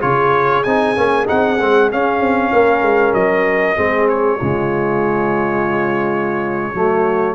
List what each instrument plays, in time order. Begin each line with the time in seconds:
0.00 tuba C#3, trombone F4, horn G#4, trumpet C#5
0.63 tuba C4, trombone D#4, trumpet G#5
0.95 tuba A#3, trombone C#4
1.25 tuba C4, trombone D#4, trumpet F#5
1.59 tuba G#3, trombone C4
1.90 trombone C#4, tuba C#4, trumpet F5
2.20 tuba C4
2.52 tuba A#3, horn A#4
2.81 tuba G#3
3.13 tuba F#3, trumpet D#5
3.75 tuba G#3, trombone C4, horn G#4
4.08 trumpet C#5
4.39 tuba C#3, trombone G#3, horn F4
6.74 tuba F#3, trombone A3, horn F#4